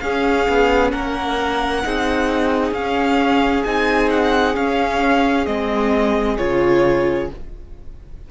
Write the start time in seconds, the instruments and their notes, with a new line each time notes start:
0.00 cello C#4, viola C#4, violin G#4 F5
0.48 cello B3
0.91 cello A#3, violin A#4 F#5
1.84 cello C4, viola D#4, violin G#4
2.71 cello C#4, viola C#4, violin F5
3.64 cello C4, viola D#4, violin G#5
4.10 violin F#5
4.54 viola C#4, cello C#4, violin F5
5.46 cello G#3, viola C4, violin D#5
6.38 cello C#3, viola F4, violin C#5